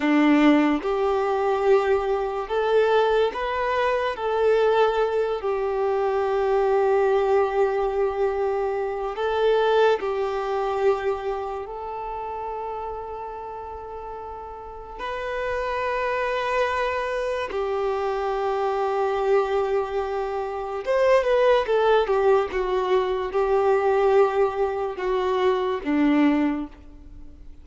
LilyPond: \new Staff \with { instrumentName = "violin" } { \time 4/4 \tempo 4 = 72 d'4 g'2 a'4 | b'4 a'4. g'4.~ | g'2. a'4 | g'2 a'2~ |
a'2 b'2~ | b'4 g'2.~ | g'4 c''8 b'8 a'8 g'8 fis'4 | g'2 fis'4 d'4 | }